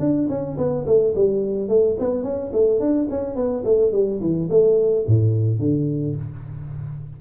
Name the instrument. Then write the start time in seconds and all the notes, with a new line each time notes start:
tuba
0.00 D4
0.29 C#4
0.58 B3
0.86 A3
1.15 G3
1.69 A3
2.00 B3
2.24 C#4
2.53 A3
2.80 D4
3.10 C#4
3.36 B3
3.65 A3
3.92 G3
4.21 E3
4.50 A3
5.07 A2
5.59 D3